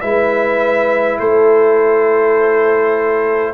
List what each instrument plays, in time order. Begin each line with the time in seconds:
0.00 tuba G#3, trombone E4, horn B4, trumpet E5
1.19 tuba A3, horn A4, trumpet C5